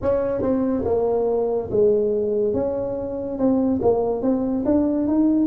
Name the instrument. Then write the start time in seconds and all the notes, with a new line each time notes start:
tuba
0.02 C#4
0.41 C4
0.85 A#3
1.70 G#3
2.54 C#4
3.38 C4
3.81 A#3
4.22 C4
4.65 D4
5.07 D#4